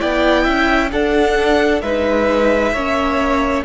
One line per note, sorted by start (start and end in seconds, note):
0.00 0.47 B3
0.00 0.91 E4
0.00 0.44 D5
0.00 0.92 G5
0.44 0.92 C#4
0.44 0.90 E5
0.92 1.83 D4
0.92 1.84 D4
0.92 1.83 A4
0.92 1.82 F#5
1.82 2.73 G#3
1.82 2.75 D#4
1.82 2.73 B4
1.82 3.64 E5
2.73 3.64 A#3
2.73 3.65 C#4
2.73 3.64 C#5